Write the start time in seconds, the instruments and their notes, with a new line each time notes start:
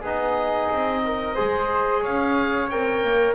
0.00 double bass B3, trombone D#4, flute G#4, oboe D#5
0.70 double bass C4
1.04 flute A#4
1.34 double bass G#3, trombone G#4, flute C5
2.01 double bass C#4, flute C#5, oboe F5
2.70 double bass C4, trombone A#4, oboe G5
3.03 double bass A#3